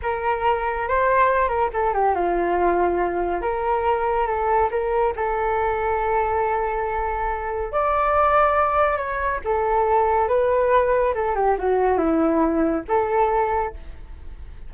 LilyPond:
\new Staff \with { instrumentName = "flute" } { \time 4/4 \tempo 4 = 140 ais'2 c''4. ais'8 | a'8 g'8 f'2. | ais'2 a'4 ais'4 | a'1~ |
a'2 d''2~ | d''4 cis''4 a'2 | b'2 a'8 g'8 fis'4 | e'2 a'2 | }